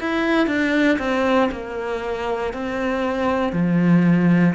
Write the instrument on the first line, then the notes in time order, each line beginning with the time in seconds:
cello
0.00 E4
0.47 D4
0.98 C4
1.52 A#3
2.53 C4
3.53 F3